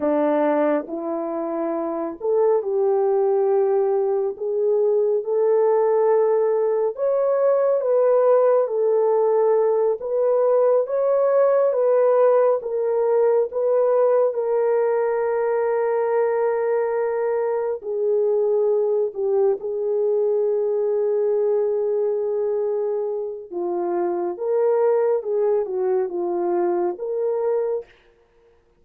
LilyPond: \new Staff \with { instrumentName = "horn" } { \time 4/4 \tempo 4 = 69 d'4 e'4. a'8 g'4~ | g'4 gis'4 a'2 | cis''4 b'4 a'4. b'8~ | b'8 cis''4 b'4 ais'4 b'8~ |
b'8 ais'2.~ ais'8~ | ais'8 gis'4. g'8 gis'4.~ | gis'2. f'4 | ais'4 gis'8 fis'8 f'4 ais'4 | }